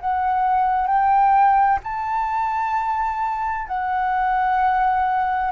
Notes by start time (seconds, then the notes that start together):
0.00 F#5
0.87 G5
1.83 A5
3.67 F#5